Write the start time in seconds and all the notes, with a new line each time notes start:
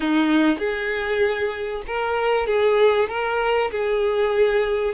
0.00 D#4
0.58 G#4
1.86 A#4
2.46 G#4
3.08 A#4
3.71 G#4